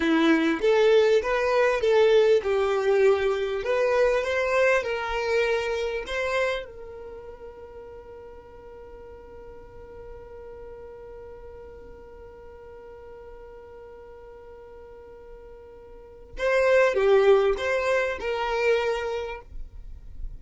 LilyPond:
\new Staff \with { instrumentName = "violin" } { \time 4/4 \tempo 4 = 99 e'4 a'4 b'4 a'4 | g'2 b'4 c''4 | ais'2 c''4 ais'4~ | ais'1~ |
ais'1~ | ais'1~ | ais'2. c''4 | g'4 c''4 ais'2 | }